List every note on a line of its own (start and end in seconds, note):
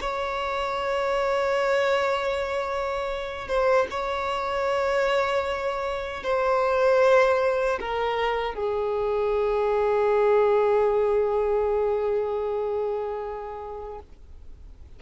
0.00 3.48 C#5
3.48 3.87 C5
3.90 6.23 C#5
6.23 7.79 C5
7.80 8.54 A#4
8.54 13.99 G#4